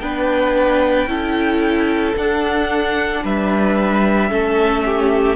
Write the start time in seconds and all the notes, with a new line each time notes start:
0.00 B3 D4 B4 G5
1.06 C#4 E4 A4
2.16 D4 F#5
3.24 G3 B4 E5
4.29 A3 C#4 A4
4.85 G4